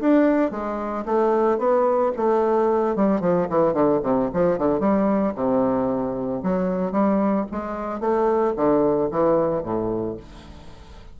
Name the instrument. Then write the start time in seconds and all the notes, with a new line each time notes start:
bassoon
0.00 D4
0.51 G#3
1.05 A3
1.58 B3
2.16 A3
2.96 G3
3.20 F3
3.49 E3
3.73 D3
4.03 C3
4.33 F3
4.58 D3
4.80 G3
5.35 C3
6.43 F#3
6.92 G3
7.51 G#3
8.00 A3
8.56 D3
9.11 E3
9.63 A2